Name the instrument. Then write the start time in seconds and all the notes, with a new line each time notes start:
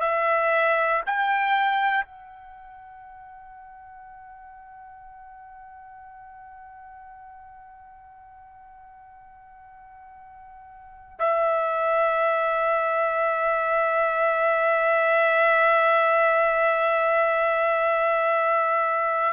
trumpet
0.00 E5
1.06 G5
2.05 F#5
11.19 E5